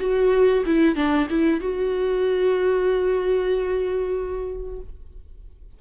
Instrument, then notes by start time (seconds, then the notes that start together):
viola
0.00 F#4
0.66 E4
0.96 D4
1.30 E4
1.61 F#4